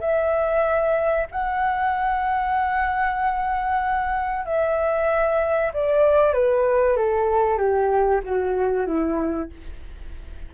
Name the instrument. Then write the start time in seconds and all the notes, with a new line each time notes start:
flute
0.00 E5
1.31 F#5
4.45 E5
5.73 D5
6.33 B4
6.96 A4
7.58 G4
8.23 F#4
8.86 E4